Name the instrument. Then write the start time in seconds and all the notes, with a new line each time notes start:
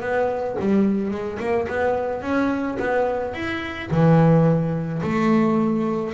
double bass
0.00 B3
0.59 G3
1.10 G#3
1.39 A#3
1.68 B3
2.22 C#4
2.79 B3
3.34 E4
3.90 E3
5.02 A3